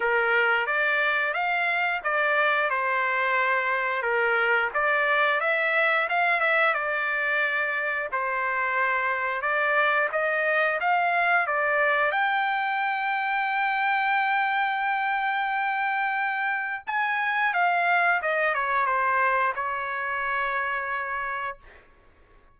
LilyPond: \new Staff \with { instrumentName = "trumpet" } { \time 4/4 \tempo 4 = 89 ais'4 d''4 f''4 d''4 | c''2 ais'4 d''4 | e''4 f''8 e''8 d''2 | c''2 d''4 dis''4 |
f''4 d''4 g''2~ | g''1~ | g''4 gis''4 f''4 dis''8 cis''8 | c''4 cis''2. | }